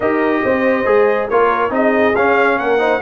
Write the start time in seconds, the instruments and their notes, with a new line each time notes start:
0.00 tuba D#4, trombone G4, horn A#4, trumpet D#5
0.44 tuba C4, horn C5
0.85 tuba G#3, trombone G#4
1.29 tuba A#3, trombone F4, horn A#4, trumpet C#5
1.70 tuba C4, trombone D#4, horn G#4, trumpet D#5
2.15 tuba C#4, trombone C#4, trumpet F5
2.58 tuba A#3, horn A#4, trumpet F#5
2.78 trombone D#4, horn C5